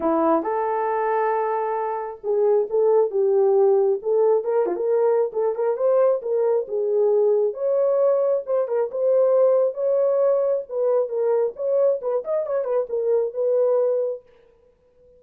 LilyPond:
\new Staff \with { instrumentName = "horn" } { \time 4/4 \tempo 4 = 135 e'4 a'2.~ | a'4 gis'4 a'4 g'4~ | g'4 a'4 ais'8 f'16 ais'4~ ais'16 | a'8 ais'8 c''4 ais'4 gis'4~ |
gis'4 cis''2 c''8 ais'8 | c''2 cis''2 | b'4 ais'4 cis''4 b'8 dis''8 | cis''8 b'8 ais'4 b'2 | }